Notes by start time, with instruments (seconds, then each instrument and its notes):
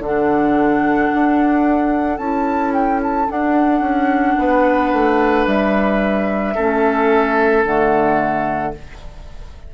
0.00 bassoon D3, clarinet D4, oboe A4, flute F#5
1.14 bassoon D4
2.18 bassoon C#4, clarinet E4, flute A5
2.74 flute G5
3.03 flute A5
3.28 clarinet D4, bassoon D4, flute F#5
3.81 bassoon C#4
4.39 bassoon B3, oboe B4
4.93 bassoon A3
5.47 bassoon G3, flute E5
6.55 bassoon A3, clarinet C#4, oboe A4
7.65 bassoon D3, clarinet A3, flute F#5